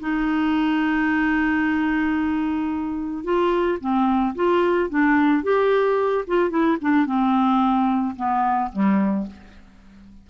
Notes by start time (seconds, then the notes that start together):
0.00 D#4
3.24 F4
3.80 C4
4.35 F4
4.89 D4
5.43 G4
6.27 F4
6.50 E4
6.81 D4
7.06 C4
8.16 B3
8.72 G3